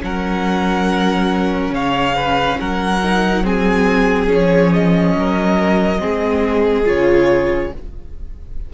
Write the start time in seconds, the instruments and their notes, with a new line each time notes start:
0.00 cello F#3, viola C#4, violin A#4 F#5
1.69 cello C#3, violin C#5 F5
2.15 violin B4
2.59 cello F#3, violin A#4 F#5
3.03 viola D#4
3.43 viola C4, violin G#4 G#5
4.26 cello F3, viola C#4
4.33 violin C#5
4.73 violin D#5
5.15 cello F#3, violin A#4
5.98 cello G#3, viola C4, violin G#4
6.84 cello C#3, viola F4, violin C#5